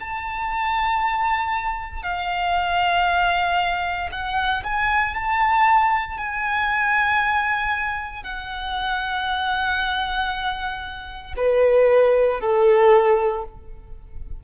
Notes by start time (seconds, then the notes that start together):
0.00 A5
2.02 F5
4.11 F#5
4.63 G#5
5.14 A5
6.17 G#5
8.23 F#5
11.37 B4
12.40 A4